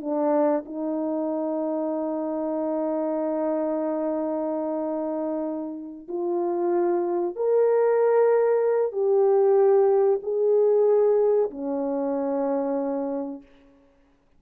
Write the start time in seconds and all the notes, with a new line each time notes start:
0.00 D4
0.65 D#4
6.08 F4
7.35 A#4
8.92 G4
10.22 G#4
11.50 C#4